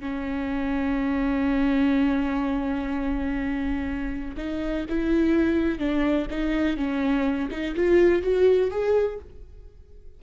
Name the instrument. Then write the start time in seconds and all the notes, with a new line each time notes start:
viola
0.00 C#4
4.37 D#4
4.89 E4
5.79 D4
6.30 D#4
6.77 C#4
7.51 D#4
7.76 F4
8.22 F#4
8.71 G#4